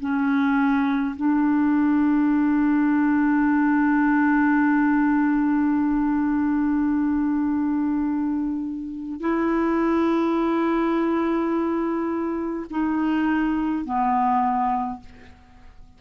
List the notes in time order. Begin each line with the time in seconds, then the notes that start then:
0.00 C#4
1.16 D4
9.20 E4
12.70 D#4
13.85 B3